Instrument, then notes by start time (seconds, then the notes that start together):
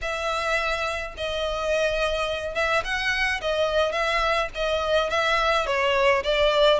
violin
0.01 E5
1.17 D#5
2.54 E5
2.84 F#5
3.41 D#5
3.92 E5
4.54 D#5
5.10 E5
5.66 C#5
6.23 D5